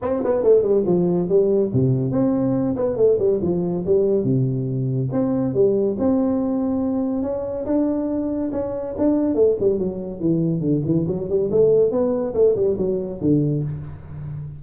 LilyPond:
\new Staff \with { instrumentName = "tuba" } { \time 4/4 \tempo 4 = 141 c'8 b8 a8 g8 f4 g4 | c4 c'4. b8 a8 g8 | f4 g4 c2 | c'4 g4 c'2~ |
c'4 cis'4 d'2 | cis'4 d'4 a8 g8 fis4 | e4 d8 e8 fis8 g8 a4 | b4 a8 g8 fis4 d4 | }